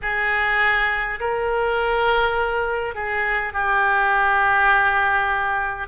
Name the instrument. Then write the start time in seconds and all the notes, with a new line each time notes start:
oboe
0.02 G#4
1.20 A#4
2.94 G#4
3.53 G4